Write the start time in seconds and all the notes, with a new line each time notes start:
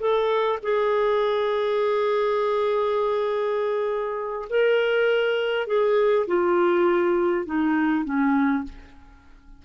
0.00 A4
0.63 G#4
4.50 A#4
5.67 G#4
6.27 F4
7.46 D#4
8.05 C#4